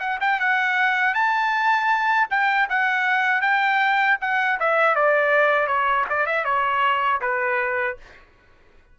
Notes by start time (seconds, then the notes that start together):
0.00 F#5
0.21 G5
0.40 F#5
1.14 A5
2.30 G5
2.69 F#5
3.41 G5
4.21 F#5
4.60 E5
4.95 D5
5.67 C#5
6.10 D5
6.26 E5
6.45 C#5
7.21 B4